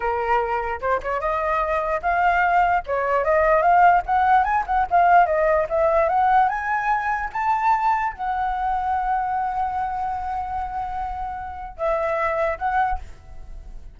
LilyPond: \new Staff \with { instrumentName = "flute" } { \time 4/4 \tempo 4 = 148 ais'2 c''8 cis''8 dis''4~ | dis''4 f''2 cis''4 | dis''4 f''4 fis''4 gis''8 fis''8 | f''4 dis''4 e''4 fis''4 |
gis''2 a''2 | fis''1~ | fis''1~ | fis''4 e''2 fis''4 | }